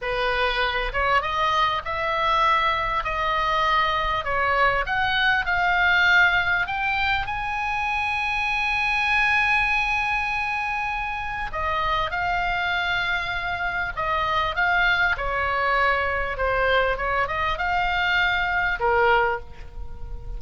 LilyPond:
\new Staff \with { instrumentName = "oboe" } { \time 4/4 \tempo 4 = 99 b'4. cis''8 dis''4 e''4~ | e''4 dis''2 cis''4 | fis''4 f''2 g''4 | gis''1~ |
gis''2. dis''4 | f''2. dis''4 | f''4 cis''2 c''4 | cis''8 dis''8 f''2 ais'4 | }